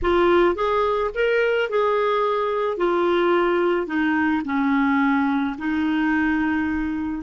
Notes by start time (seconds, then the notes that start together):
0.02 F4
0.55 G#4
1.14 A#4
1.69 G#4
2.77 F4
3.87 D#4
4.44 C#4
5.58 D#4